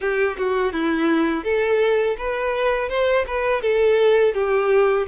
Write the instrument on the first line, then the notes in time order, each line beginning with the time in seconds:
violin
0.00 G4
0.37 F#4
0.73 E4
1.44 A4
2.17 B4
2.89 C5
3.26 B4
3.61 A4
4.34 G4